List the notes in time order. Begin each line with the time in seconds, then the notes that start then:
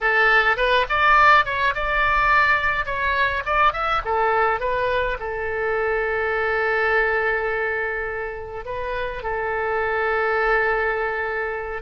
0.00 A4
0.56 B4
0.89 D5
1.45 C#5
1.74 D5
2.85 C#5
3.45 D5
3.72 E5
4.04 A4
4.59 B4
5.19 A4
8.65 B4
9.22 A4